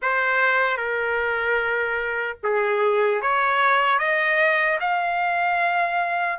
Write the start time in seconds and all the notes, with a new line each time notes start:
0.01 C5
0.77 A#4
2.43 G#4
3.21 C#5
3.98 D#5
4.80 F5